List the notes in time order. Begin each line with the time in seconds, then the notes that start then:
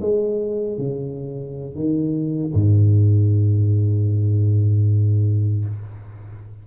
0.00 G#3
0.78 C#3
1.75 D#3
2.53 G#2